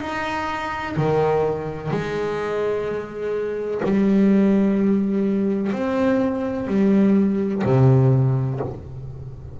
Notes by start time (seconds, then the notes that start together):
0.00 D#4
0.96 D#3
1.90 G#3
3.84 G3
5.72 C4
6.67 G3
7.64 C3